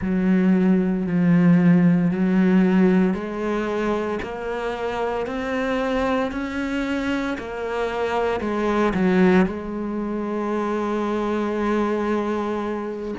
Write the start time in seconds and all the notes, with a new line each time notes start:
0.01 F#3
1.06 F3
2.11 F#3
3.13 G#3
4.22 A#3
5.26 C4
6.32 C#4
7.37 A#3
8.40 G#3
8.94 F#3
9.45 G#3